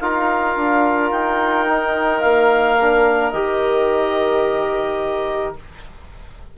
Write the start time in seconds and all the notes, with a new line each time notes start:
0.00 D#4 F4 A#4 F5
0.56 D4
1.11 D#4 G5
1.67 D#4
2.21 A#3 F5
2.81 D4
3.31 D#3 G4 D#5